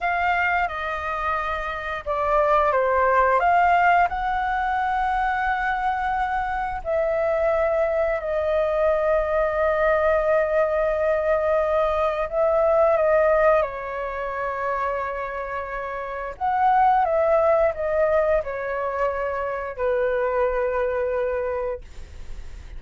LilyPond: \new Staff \with { instrumentName = "flute" } { \time 4/4 \tempo 4 = 88 f''4 dis''2 d''4 | c''4 f''4 fis''2~ | fis''2 e''2 | dis''1~ |
dis''2 e''4 dis''4 | cis''1 | fis''4 e''4 dis''4 cis''4~ | cis''4 b'2. | }